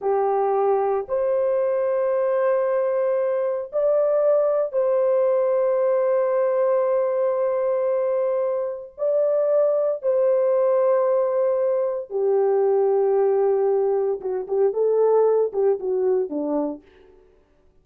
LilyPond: \new Staff \with { instrumentName = "horn" } { \time 4/4 \tempo 4 = 114 g'2 c''2~ | c''2. d''4~ | d''4 c''2.~ | c''1~ |
c''4 d''2 c''4~ | c''2. g'4~ | g'2. fis'8 g'8 | a'4. g'8 fis'4 d'4 | }